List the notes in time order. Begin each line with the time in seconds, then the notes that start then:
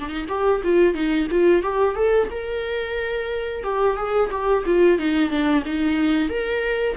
0.00 D4
0.09 D#4
0.29 G4
0.64 F4
0.95 D#4
1.32 F4
1.63 G4
1.95 A4
2.31 A#4
3.64 G4
3.97 G#4
4.31 G4
4.66 F4
4.99 D#4
5.30 D4
5.66 D#4
6.29 A#4